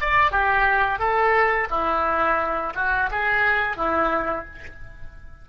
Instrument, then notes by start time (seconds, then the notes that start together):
oboe
0.00 D5
0.31 G4
0.99 A4
1.70 E4
2.75 F#4
3.11 G#4
3.76 E4